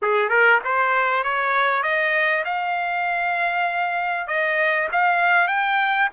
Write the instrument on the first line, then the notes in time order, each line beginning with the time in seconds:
trumpet
0.02 G#4
0.29 A#4
0.64 C5
1.23 C#5
1.82 D#5
2.45 F5
4.27 D#5
4.91 F5
5.47 G5